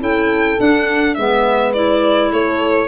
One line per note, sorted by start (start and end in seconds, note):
0.00 0.58 C#4
0.00 0.58 E4
0.00 1.17 A4
0.00 0.60 G5
0.58 1.15 D4
0.58 1.18 D4
0.58 1.15 F#5
1.15 2.32 G#3
1.15 1.74 B3
1.15 2.32 B4
1.15 1.72 E5
1.73 2.88 E4
1.73 2.31 D5
2.32 2.88 A3
2.32 2.88 A4
2.32 2.88 C#5